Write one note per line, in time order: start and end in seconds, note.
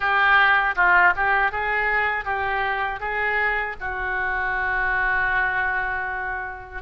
0.00 0.75 G4
0.75 1.13 F4
1.16 1.51 G4
1.51 2.24 G#4
2.24 3.00 G4
3.00 3.76 G#4
3.80 6.82 F#4